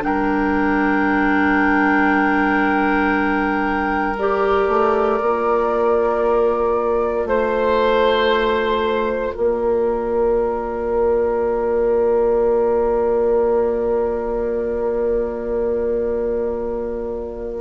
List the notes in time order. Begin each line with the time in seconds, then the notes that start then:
0.00 G3 D4 A#4 G5
4.19 G4 D5
4.68 A3
5.21 A#3 F4
7.25 A3 C5
9.33 A#3 A#4 D5